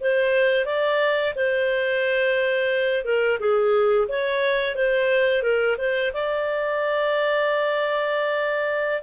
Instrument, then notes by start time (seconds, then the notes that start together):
clarinet
0.00 C5
0.65 D5
1.35 C5
3.04 A#4
3.39 G#4
4.08 C#5
4.75 C5
5.42 A#4
5.78 C5
6.13 D5